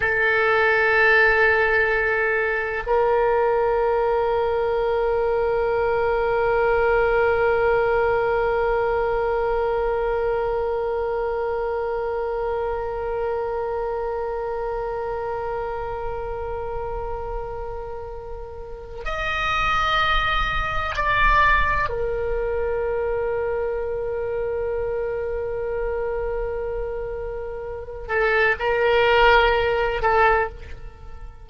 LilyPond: \new Staff \with { instrumentName = "oboe" } { \time 4/4 \tempo 4 = 63 a'2. ais'4~ | ais'1~ | ais'1~ | ais'1~ |
ais'1 | dis''2 d''4 ais'4~ | ais'1~ | ais'4. a'8 ais'4. a'8 | }